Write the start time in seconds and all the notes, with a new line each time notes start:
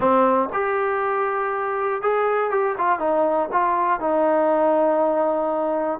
0.00 C4
0.52 G4
2.02 G#4
2.50 G4
2.77 F4
2.99 D#4
3.51 F4
4.00 D#4